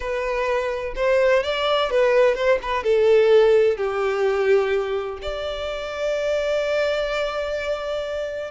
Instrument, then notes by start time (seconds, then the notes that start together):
violin
0.00 B4
0.95 C5
1.43 D5
1.90 B4
2.34 C5
2.61 B4
2.83 A4
3.77 G4
5.21 D5